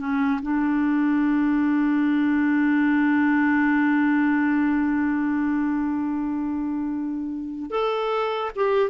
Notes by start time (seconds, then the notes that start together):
0.00 C#4
0.42 D4
7.71 A4
8.56 G4